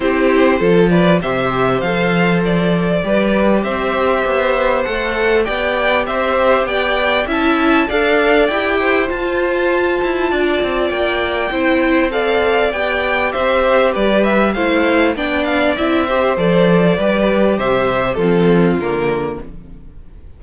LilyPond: <<
  \new Staff \with { instrumentName = "violin" } { \time 4/4 \tempo 4 = 99 c''4. d''8 e''4 f''4 | d''2 e''2 | fis''4 g''4 e''4 g''4 | a''4 f''4 g''4 a''4~ |
a''2 g''2 | f''4 g''4 e''4 d''8 e''8 | f''4 g''8 f''8 e''4 d''4~ | d''4 e''4 a'4 ais'4 | }
  \new Staff \with { instrumentName = "violin" } { \time 4/4 g'4 a'8 b'8 c''2~ | c''4 b'4 c''2~ | c''4 d''4 c''4 d''4 | e''4 d''4. c''4.~ |
c''4 d''2 c''4 | d''2 c''4 b'4 | c''4 d''4. c''4. | b'4 c''4 f'2 | }
  \new Staff \with { instrumentName = "viola" } { \time 4/4 e'4 f'4 g'4 a'4~ | a'4 g'2. | a'4 g'2. | e'4 a'4 g'4 f'4~ |
f'2. e'4 | a'4 g'2. | e'4 d'4 e'8 g'8 a'4 | g'2 c'4 ais4 | }
  \new Staff \with { instrumentName = "cello" } { \time 4/4 c'4 f4 c4 f4~ | f4 g4 c'4 b4 | a4 b4 c'4 b4 | cis'4 d'4 e'4 f'4~ |
f'8 e'8 d'8 c'8 ais4 c'4~ | c'4 b4 c'4 g4 | a4 b4 c'4 f4 | g4 c4 f4 d4 | }
>>